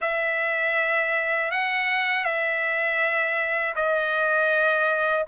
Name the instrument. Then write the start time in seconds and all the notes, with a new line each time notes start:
trumpet
0.01 E5
1.51 F#5
2.24 E5
3.75 D#5